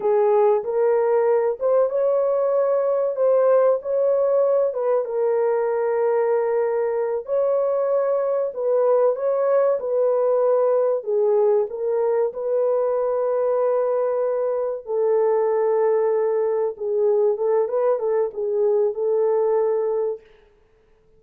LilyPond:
\new Staff \with { instrumentName = "horn" } { \time 4/4 \tempo 4 = 95 gis'4 ais'4. c''8 cis''4~ | cis''4 c''4 cis''4. b'8 | ais'2.~ ais'8 cis''8~ | cis''4. b'4 cis''4 b'8~ |
b'4. gis'4 ais'4 b'8~ | b'2.~ b'8 a'8~ | a'2~ a'8 gis'4 a'8 | b'8 a'8 gis'4 a'2 | }